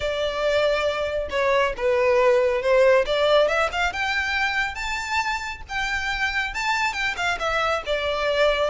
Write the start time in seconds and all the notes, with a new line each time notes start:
0.00 D5
1.29 C#5
1.76 B4
2.61 C5
3.06 D5
3.48 E5
3.72 F5
3.92 G5
4.75 A5
5.68 G5
6.54 A5
6.93 G5
7.16 F5
7.39 E5
7.86 D5